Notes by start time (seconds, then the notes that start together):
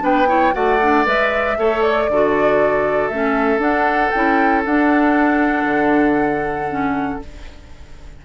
0.00 B3 D4 B4 G5
0.28 E4 C#5
0.53 A3 F#4 D5 F#5
0.82 D4
1.06 G#3 B4 E5
1.57 A3 A4 C#5
1.82 D5
2.09 D3 F#4 A4
3.08 A3 C#4 E5
3.58 D4 F#5
4.11 C#4 E4 G5
4.65 D4 F#5
5.64 D3
6.69 C#4